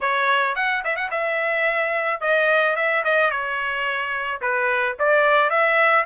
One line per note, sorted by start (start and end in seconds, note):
0.01 0.55 C#5
0.55 0.83 F#5
0.84 0.96 E5
0.96 1.10 F#5
1.10 2.20 E5
2.20 2.75 D#5
2.76 3.03 E5
3.04 3.30 D#5
3.30 4.40 C#5
4.41 4.96 B4
4.99 5.49 D5
5.49 6.05 E5